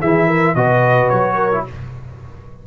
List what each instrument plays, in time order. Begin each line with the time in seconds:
0.00 tuba E3, trombone E4, horn G#4, trumpet E5
0.27 horn A#4
0.55 tuba B2, trombone F#4, horn B4, trumpet D#5
1.09 tuba F#3, trumpet C#5
1.35 horn A#4
1.51 trombone E4